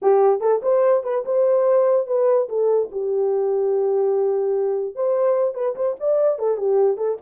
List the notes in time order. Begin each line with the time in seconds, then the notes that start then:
0.02 G4
0.40 A4
0.62 C5
1.03 B4
1.25 C5
2.06 B4
2.48 A4
2.91 G4
4.95 C5
5.54 B4
5.75 C5
6.00 D5
6.38 A4
6.57 G4
6.97 A4